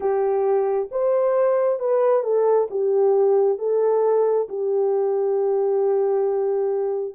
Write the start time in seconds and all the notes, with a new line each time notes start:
0.00 G4
0.91 C5
1.79 B4
2.23 A4
2.70 G4
3.58 A4
4.48 G4